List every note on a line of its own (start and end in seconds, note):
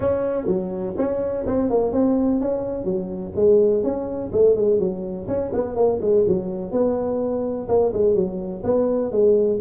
0.00 0.46 C#4
0.46 0.94 F#3
0.97 1.45 C#4
1.46 1.70 C4
1.70 1.92 A#3
1.92 2.40 C4
2.40 2.84 C#4
2.84 3.32 F#3
3.35 3.83 G#3
3.83 4.31 C#4
4.32 4.55 A3
4.55 4.79 G#3
4.79 5.27 F#3
5.27 5.51 C#4
5.53 5.75 B3
5.75 5.99 A#3
6.01 6.25 G#3
6.27 6.71 F#3
6.71 7.67 B3
7.68 7.92 A#3
7.93 8.14 G#3
8.14 8.62 F#3
8.63 9.11 B3
9.11 9.59 G#3